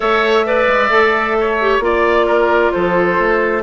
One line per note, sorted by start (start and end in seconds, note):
0.00 0.67 A3
0.00 0.44 A4
0.00 0.46 C#5
0.00 1.81 E5
0.45 0.89 B4
0.45 1.37 D5
0.67 0.90 G#3
0.89 1.79 A3
0.89 1.57 A4
1.40 1.84 C#5
1.60 1.81 G4
1.79 2.70 A#3
1.79 3.62 F4
1.79 2.26 D5
1.79 2.72 D5
2.26 2.72 A#4
2.72 3.18 F3
2.72 3.62 A4
2.72 3.62 C5
3.18 3.62 A3